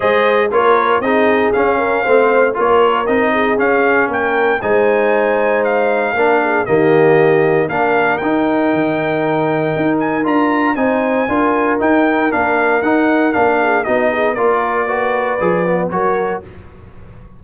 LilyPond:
<<
  \new Staff \with { instrumentName = "trumpet" } { \time 4/4 \tempo 4 = 117 dis''4 cis''4 dis''4 f''4~ | f''4 cis''4 dis''4 f''4 | g''4 gis''2 f''4~ | f''4 dis''2 f''4 |
g''2.~ g''8 gis''8 | ais''4 gis''2 g''4 | f''4 fis''4 f''4 dis''4 | d''2. cis''4 | }
  \new Staff \with { instrumentName = "horn" } { \time 4/4 c''4 ais'4 gis'4. ais'8 | c''4 ais'4. gis'4. | ais'4 c''2. | ais'8 gis'8 g'2 ais'4~ |
ais'1~ | ais'4 c''4 ais'2~ | ais'2~ ais'8 gis'8 fis'8 gis'8 | ais'4 b'2 ais'4 | }
  \new Staff \with { instrumentName = "trombone" } { \time 4/4 gis'4 f'4 dis'4 cis'4 | c'4 f'4 dis'4 cis'4~ | cis'4 dis'2. | d'4 ais2 d'4 |
dis'1 | f'4 dis'4 f'4 dis'4 | d'4 dis'4 d'4 dis'4 | f'4 fis'4 gis'8 b8 fis'4 | }
  \new Staff \with { instrumentName = "tuba" } { \time 4/4 gis4 ais4 c'4 cis'4 | a4 ais4 c'4 cis'4 | ais4 gis2. | ais4 dis2 ais4 |
dis'4 dis2 dis'4 | d'4 c'4 d'4 dis'4 | ais4 dis'4 ais4 b4 | ais2 f4 fis4 | }
>>